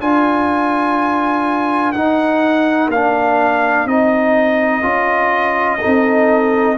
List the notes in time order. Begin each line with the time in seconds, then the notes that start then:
0.00 D4 F4 A#4 G#5
1.92 D#4 F#5
2.89 A#3 F5
2.95 D4
3.85 C4 D#4 D#5
4.82 C#4 F4
5.80 C4 D#4 A4